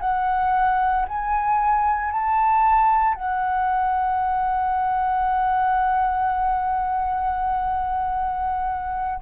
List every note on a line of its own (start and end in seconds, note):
0.00 1.05 F#5
1.08 2.11 G#5
2.11 3.14 A5
3.14 9.20 F#5